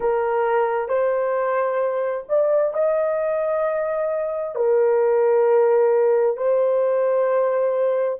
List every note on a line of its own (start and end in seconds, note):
0.00 0.88 A#4
0.88 2.24 C5
2.29 2.73 D5
2.73 4.55 D#5
4.55 6.36 A#4
6.36 8.18 C5